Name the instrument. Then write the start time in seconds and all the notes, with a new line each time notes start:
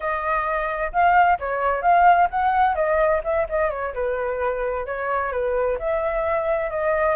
flute
0.00 D#5
0.92 F5
1.39 C#5
1.82 F5
2.30 F#5
2.75 D#5
3.23 E5
3.49 D#5
3.70 C#5
3.94 B4
4.86 C#5
5.32 B4
5.78 E5
6.70 D#5